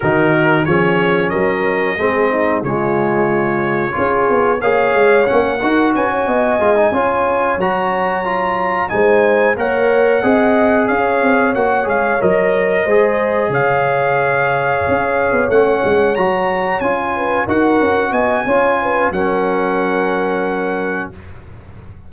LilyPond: <<
  \new Staff \with { instrumentName = "trumpet" } { \time 4/4 \tempo 4 = 91 ais'4 cis''4 dis''2 | cis''2. f''4 | fis''4 gis''2~ gis''8 ais''8~ | ais''4. gis''4 fis''4.~ |
fis''8 f''4 fis''8 f''8 dis''4.~ | dis''8 f''2. fis''8~ | fis''8 ais''4 gis''4 fis''4 gis''8~ | gis''4 fis''2. | }
  \new Staff \with { instrumentName = "horn" } { \time 4/4 fis'4 gis'4 ais'4 gis'8 dis'8 | f'2 gis'4 cis''4~ | cis''8 ais'8 b'16 cis''16 dis''4 cis''4.~ | cis''4. c''4 cis''4 dis''8~ |
dis''8 cis''2. c''8~ | c''8 cis''2.~ cis''8~ | cis''2 b'8 ais'4 dis''8 | cis''8 b'8 ais'2. | }
  \new Staff \with { instrumentName = "trombone" } { \time 4/4 dis'4 cis'2 c'4 | gis2 f'4 gis'4 | cis'8 fis'4. f'16 dis'16 f'4 fis'8~ | fis'8 f'4 dis'4 ais'4 gis'8~ |
gis'4. fis'8 gis'8 ais'4 gis'8~ | gis'2.~ gis'8 cis'8~ | cis'8 fis'4 f'4 fis'4. | f'4 cis'2. | }
  \new Staff \with { instrumentName = "tuba" } { \time 4/4 dis4 f4 fis4 gis4 | cis2 cis'8 b8 ais8 gis8 | ais8 dis'8 cis'8 b8 gis8 cis'4 fis8~ | fis4. gis4 ais4 c'8~ |
c'8 cis'8 c'8 ais8 gis8 fis4 gis8~ | gis8 cis2 cis'8. b16 a8 | gis8 fis4 cis'4 dis'8 cis'8 b8 | cis'4 fis2. | }
>>